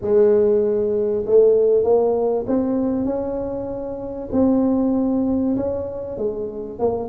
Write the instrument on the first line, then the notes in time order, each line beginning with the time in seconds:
tuba
0.01 G#3
1.26 A3
1.83 A#3
2.47 C4
3.05 C#4
4.32 C4
5.56 C#4
6.17 G#3
6.79 A#3